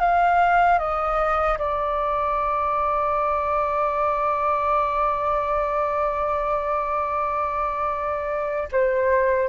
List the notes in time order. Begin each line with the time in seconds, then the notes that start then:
0.00 F5
0.79 D#5
1.58 D5
8.72 C5